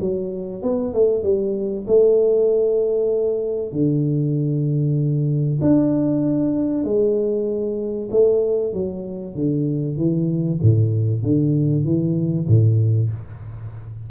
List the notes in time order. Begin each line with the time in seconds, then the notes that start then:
0.00 F#3
0.62 B3
0.93 A3
1.23 G3
1.87 A3
3.72 D3
5.61 D4
6.84 G#3
8.11 A3
8.73 F#3
9.35 D3
9.97 E3
10.62 A2
11.22 D3
11.84 E3
12.47 A2